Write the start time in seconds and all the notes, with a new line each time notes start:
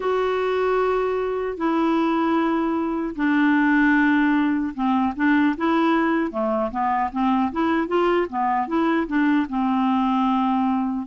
0.00 F#4
1.57 E4
3.15 D4
4.74 C4
5.16 D4
5.57 E4
6.31 A3
6.71 B3
7.12 C4
7.52 E4
7.87 F4
8.29 B3
8.67 E4
9.07 D4
9.49 C4